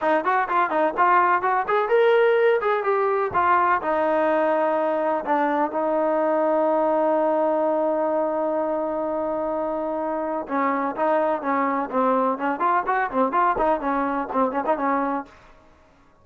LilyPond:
\new Staff \with { instrumentName = "trombone" } { \time 4/4 \tempo 4 = 126 dis'8 fis'8 f'8 dis'8 f'4 fis'8 gis'8 | ais'4. gis'8 g'4 f'4 | dis'2. d'4 | dis'1~ |
dis'1~ | dis'2 cis'4 dis'4 | cis'4 c'4 cis'8 f'8 fis'8 c'8 | f'8 dis'8 cis'4 c'8 cis'16 dis'16 cis'4 | }